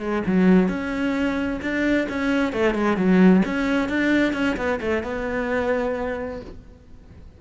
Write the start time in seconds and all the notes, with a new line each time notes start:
0.00 G#3
0.26 F#3
0.68 C#4
1.61 D4
2.09 C#4
2.53 A3
2.74 G#3
2.97 F#3
3.45 C#4
3.89 D4
4.33 C#4
4.57 B3
4.81 A3
5.03 B3